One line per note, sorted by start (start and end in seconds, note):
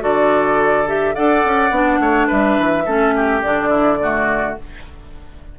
0.00 1.16 D3
0.00 0.85 F#4
0.00 1.15 A4
0.00 0.88 D5
0.87 1.15 G4
0.87 1.15 E5
1.15 1.45 D4
1.15 1.72 A4
1.15 1.99 D5
1.15 2.28 F#5
1.45 1.70 C#4
1.70 1.98 B3
1.70 2.85 D4
1.99 2.28 A3
1.99 2.27 C#5
2.27 2.59 G3
2.27 2.83 B4
2.27 3.42 E5
2.59 2.86 E3
2.86 3.43 A3
2.86 3.42 C#4
2.86 3.14 A4
3.16 3.69 G4
3.42 4.57 D3
3.42 4.00 D4
3.42 4.55 D5
3.69 3.97 E4
4.02 4.58 A3
4.02 4.59 F#4